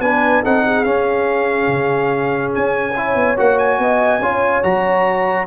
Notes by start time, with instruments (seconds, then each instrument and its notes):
0.00 tuba B3, trombone D4, horn B4, trumpet G#5
0.43 tuba C4, trombone D#4, horn A4, trumpet F#5
0.65 horn G#4
0.84 trombone C#4, tuba C#4, trumpet F5
1.67 tuba C#3
2.54 tuba C#4, trumpet G#5
2.96 trombone E4, horn C#5
3.15 tuba B3
3.37 tuba A#3, trombone F#4, trumpet F#5
3.58 trumpet G#5
3.78 tuba B3, horn D#5
4.19 tuba C#4, trombone F4, horn C#5
4.63 tuba F#3, trombone F#4, trumpet A#5